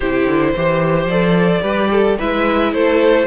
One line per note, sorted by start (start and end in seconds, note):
0.00 0.26 C3
0.00 0.56 E4
0.00 0.50 G4
0.00 1.08 C5
0.26 0.53 D3
0.56 1.05 E3
0.56 1.10 G4
0.56 1.61 C5
1.05 1.59 F3
1.05 1.61 A4
1.05 2.17 D5
1.61 2.17 G3
1.61 2.15 G4
1.61 1.89 B4
1.91 2.18 A4
2.18 2.73 G#3
2.18 3.27 E4
2.18 2.73 B4
2.18 2.73 E5
2.73 3.27 A3
2.73 3.27 A4
2.73 3.27 C5